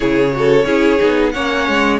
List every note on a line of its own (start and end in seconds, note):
0.00 0.65 C#3
0.00 0.31 E4
0.00 0.33 G#4
0.00 1.29 C#5
0.31 0.65 F#4
0.37 0.66 A4
0.65 0.98 C#4
0.65 0.98 E4
0.65 1.33 G#4
0.98 1.35 B3
0.98 1.32 D#4
1.31 1.68 A#3
1.31 2.00 C#4
1.31 2.00 C#5
1.31 1.98 F#5
1.68 2.00 G#3